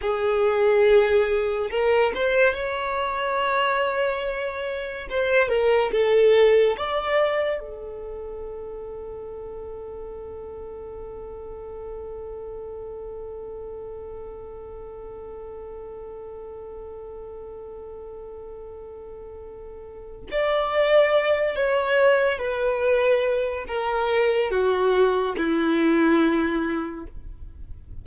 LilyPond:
\new Staff \with { instrumentName = "violin" } { \time 4/4 \tempo 4 = 71 gis'2 ais'8 c''8 cis''4~ | cis''2 c''8 ais'8 a'4 | d''4 a'2.~ | a'1~ |
a'1~ | a'1 | d''4. cis''4 b'4. | ais'4 fis'4 e'2 | }